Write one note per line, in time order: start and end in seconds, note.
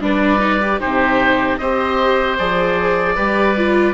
0.00 0.79 G3
0.00 0.39 D4
0.00 0.80 B4
0.00 0.80 D5
0.39 0.59 D#4
0.61 0.80 G4
0.80 1.59 C3
0.80 1.59 D#4
0.80 1.59 G4
0.80 1.57 C5
1.57 2.38 C4
1.57 2.38 G4
1.57 3.15 C5
1.57 2.36 D#5
2.38 3.17 F3
2.38 3.16 G#4
2.38 3.93 D5
3.15 3.93 G3
3.15 3.56 G4
3.15 3.93 B4
3.57 3.93 F4